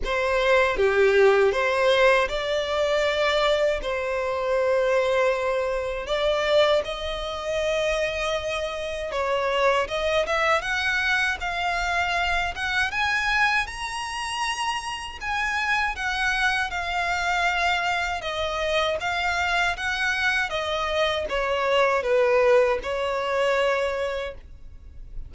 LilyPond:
\new Staff \with { instrumentName = "violin" } { \time 4/4 \tempo 4 = 79 c''4 g'4 c''4 d''4~ | d''4 c''2. | d''4 dis''2. | cis''4 dis''8 e''8 fis''4 f''4~ |
f''8 fis''8 gis''4 ais''2 | gis''4 fis''4 f''2 | dis''4 f''4 fis''4 dis''4 | cis''4 b'4 cis''2 | }